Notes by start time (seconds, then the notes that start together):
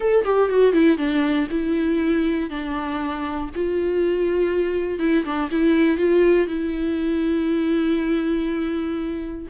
0.00 A4
0.24 G4
0.49 F#4
0.72 E4
0.97 D4
1.50 E4
2.50 D4
3.55 F4
4.99 E4
5.24 D4
5.51 E4
5.97 F4
6.47 E4